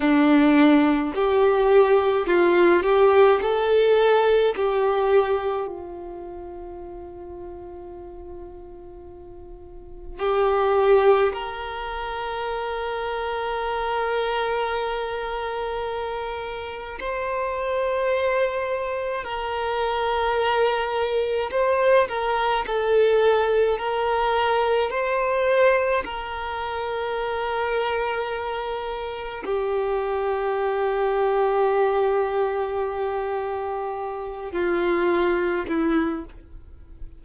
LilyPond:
\new Staff \with { instrumentName = "violin" } { \time 4/4 \tempo 4 = 53 d'4 g'4 f'8 g'8 a'4 | g'4 f'2.~ | f'4 g'4 ais'2~ | ais'2. c''4~ |
c''4 ais'2 c''8 ais'8 | a'4 ais'4 c''4 ais'4~ | ais'2 g'2~ | g'2~ g'8 f'4 e'8 | }